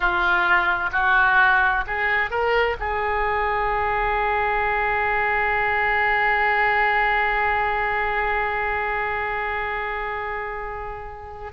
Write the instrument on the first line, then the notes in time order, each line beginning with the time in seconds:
oboe
0.00 F4
0.91 F#4
1.87 G#4
2.30 A#4
2.79 G#4